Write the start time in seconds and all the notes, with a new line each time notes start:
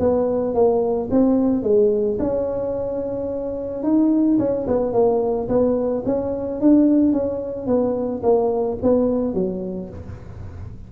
0.00 B3
0.54 A#3
1.11 C4
1.63 G#3
2.19 C#4
3.84 D#4
4.39 C#4
4.67 B3
4.93 A#3
5.49 B3
6.06 C#4
6.61 D4
7.13 C#4
7.67 B3
8.23 A#3
8.82 B3
9.34 F#3